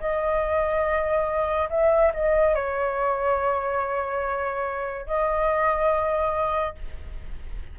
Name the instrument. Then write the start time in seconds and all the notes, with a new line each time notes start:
flute
0.00 D#5
1.70 E5
2.14 D#5
2.55 C#5
5.06 D#5